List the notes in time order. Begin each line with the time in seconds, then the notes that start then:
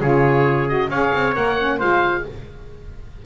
0.00 C#3 F4 G#4 C#5
0.67 F#4 D#5
0.89 C#4 G#4 C#5 F5
1.13 C4
1.34 A#3 A#4 F#5
1.58 C#4
1.78 G#3 F4 C5 F5